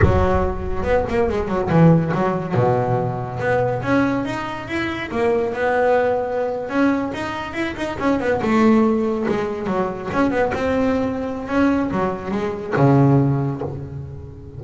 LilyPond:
\new Staff \with { instrumentName = "double bass" } { \time 4/4 \tempo 4 = 141 fis2 b8 ais8 gis8 fis8 | e4 fis4 b,2 | b4 cis'4 dis'4 e'4 | ais4 b2~ b8. cis'16~ |
cis'8. dis'4 e'8 dis'8 cis'8 b8 a16~ | a4.~ a16 gis4 fis4 cis'16~ | cis'16 b8 c'2~ c'16 cis'4 | fis4 gis4 cis2 | }